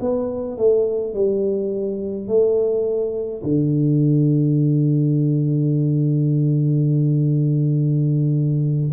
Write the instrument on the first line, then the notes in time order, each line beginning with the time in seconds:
tuba
0.00 B3
0.57 A3
1.14 G3
2.27 A3
3.43 D3